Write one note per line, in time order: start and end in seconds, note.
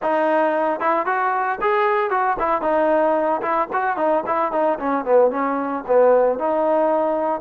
0.02 0.79 D#4
0.79 1.05 E4
1.05 1.59 F#4
1.61 2.10 G#4
2.10 2.37 F#4
2.39 2.61 E4
2.61 3.41 D#4
3.41 3.68 E4
3.72 3.97 F#4
3.97 4.23 D#4
4.26 4.52 E4
4.52 4.78 D#4
4.79 5.04 C#4
5.04 5.30 B3
5.30 5.83 C#4
5.87 6.38 B3
6.38 7.41 D#4